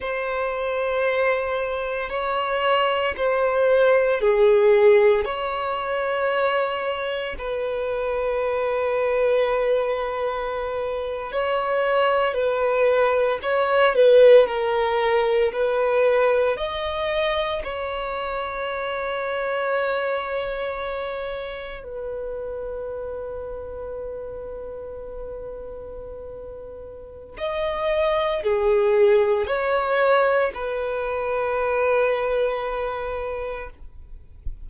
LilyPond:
\new Staff \with { instrumentName = "violin" } { \time 4/4 \tempo 4 = 57 c''2 cis''4 c''4 | gis'4 cis''2 b'4~ | b'2~ b'8. cis''4 b'16~ | b'8. cis''8 b'8 ais'4 b'4 dis''16~ |
dis''8. cis''2.~ cis''16~ | cis''8. b'2.~ b'16~ | b'2 dis''4 gis'4 | cis''4 b'2. | }